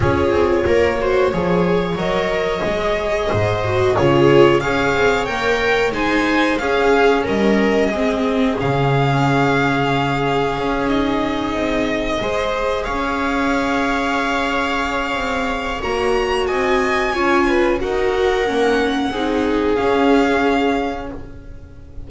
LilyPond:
<<
  \new Staff \with { instrumentName = "violin" } { \time 4/4 \tempo 4 = 91 cis''2. dis''4~ | dis''2 cis''4 f''4 | g''4 gis''4 f''4 dis''4~ | dis''4 f''2.~ |
f''8 dis''2. f''8~ | f''1 | ais''4 gis''2 fis''4~ | fis''2 f''2 | }
  \new Staff \with { instrumentName = "viola" } { \time 4/4 gis'4 ais'8 c''8 cis''2~ | cis''4 c''4 gis'4 cis''4~ | cis''4 c''4 gis'4 ais'4 | gis'1~ |
gis'2~ gis'8 c''4 cis''8~ | cis''1~ | cis''4 dis''4 cis''8 b'8 ais'4~ | ais'4 gis'2. | }
  \new Staff \with { instrumentName = "viola" } { \time 4/4 f'4. fis'8 gis'4 ais'4 | gis'4. fis'8 f'4 gis'4 | ais'4 dis'4 cis'2 | c'4 cis'2.~ |
cis'8 dis'2 gis'4.~ | gis'1 | fis'2 f'4 fis'4 | cis'4 dis'4 cis'2 | }
  \new Staff \with { instrumentName = "double bass" } { \time 4/4 cis'8 c'8 ais4 f4 fis4 | gis4 gis,4 cis4 cis'8 c'8 | ais4 gis4 cis'4 g4 | gis4 cis2. |
cis'4. c'4 gis4 cis'8~ | cis'2. c'4 | ais4 c'4 cis'4 dis'4 | ais4 c'4 cis'2 | }
>>